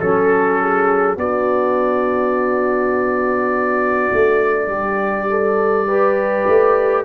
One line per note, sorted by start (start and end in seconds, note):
0.00 1.17 F#3
0.00 1.18 C#4
0.00 1.18 A4
0.00 0.60 A4
0.61 1.18 G#4
1.17 4.11 B3
1.17 5.88 D4
1.17 4.69 F#4
1.17 7.05 D5
4.13 4.68 A3
4.68 6.44 G3
4.68 5.28 G4
5.30 5.88 A4
5.88 7.05 G4
5.88 7.05 B4
6.47 7.05 A3